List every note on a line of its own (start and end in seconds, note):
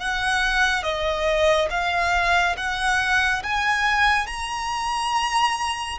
0.00 0.83 F#5
0.83 1.69 D#5
1.71 2.56 F5
2.58 3.43 F#5
3.44 4.27 G#5
4.27 5.98 A#5